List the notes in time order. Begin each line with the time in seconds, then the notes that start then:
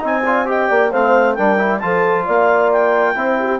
0.00 C4 D#4 C5 G#5
0.25 F4 D5
0.46 G4 D#5 G5
0.69 A#3 D5
0.92 A3 C4 C5 F5
1.34 G3 D4 A#4 G5
1.58 E4
1.79 F3 F4 A4 A5
2.25 A#3 D5 F5
2.72 G5
3.15 C4 E4 C5
3.39 G4